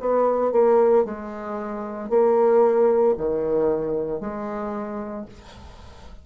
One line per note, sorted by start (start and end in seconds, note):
0.00 0.53 B3
0.53 1.05 A#3
1.05 2.10 G#3
2.10 3.15 A#3
3.18 4.21 D#3
4.21 5.26 G#3